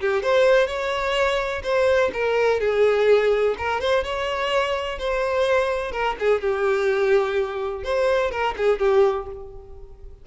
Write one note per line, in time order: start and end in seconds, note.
0.00 0.22 G4
0.22 0.66 C5
0.66 1.62 C#5
1.63 2.11 C5
2.13 2.60 A#4
2.60 3.55 G#4
3.58 3.80 A#4
3.80 4.03 C5
4.03 4.98 C#5
4.98 5.92 C5
5.92 6.15 A#4
6.19 6.41 G#4
6.41 7.84 G4
7.84 8.31 C5
8.31 8.54 A#4
8.57 8.79 G#4
8.79 9.26 G4